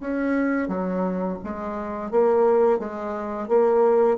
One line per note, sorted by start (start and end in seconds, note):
0.00 0.68 C#4
0.68 1.38 F#3
1.44 2.11 G#3
2.11 2.79 A#3
2.79 3.48 G#3
3.48 4.17 A#3